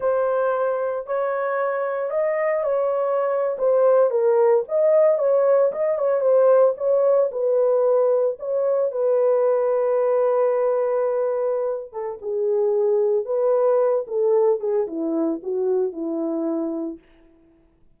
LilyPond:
\new Staff \with { instrumentName = "horn" } { \time 4/4 \tempo 4 = 113 c''2 cis''2 | dis''4 cis''4.~ cis''16 c''4 ais'16~ | ais'8. dis''4 cis''4 dis''8 cis''8 c''16~ | c''8. cis''4 b'2 cis''16~ |
cis''8. b'2.~ b'16~ | b'2~ b'8 a'8 gis'4~ | gis'4 b'4. a'4 gis'8 | e'4 fis'4 e'2 | }